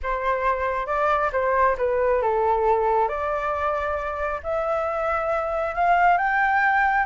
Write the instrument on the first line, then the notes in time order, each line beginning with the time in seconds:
flute
0.02 C5
0.86 D5
1.32 C5
1.77 B4
2.22 A4
3.08 D5
4.43 E5
5.74 F5
6.17 G5